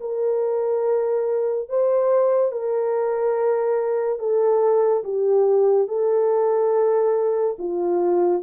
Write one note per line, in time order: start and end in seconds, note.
0.00 1.69 A#4
1.69 2.52 C5
2.52 4.19 A#4
4.19 5.03 A4
5.04 5.88 G4
5.88 7.57 A4
7.59 8.43 F4